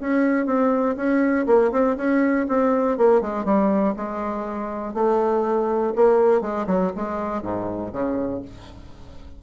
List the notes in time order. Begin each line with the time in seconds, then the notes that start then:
0.00 C#4
0.46 C4
0.96 C#4
1.46 A#3
1.71 C4
1.96 C#4
2.48 C4
2.98 A#3
3.21 G#3
3.45 G3
3.96 G#3
4.94 A3
5.95 A#3
6.41 G#3
6.67 F#3
6.96 G#3
7.42 G#2
7.92 C#3